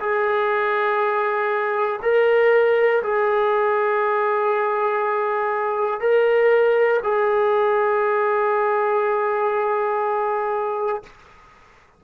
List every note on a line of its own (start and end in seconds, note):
0.00 2.00 G#4
2.02 3.02 A#4
3.03 6.00 G#4
6.00 7.00 A#4
7.03 11.03 G#4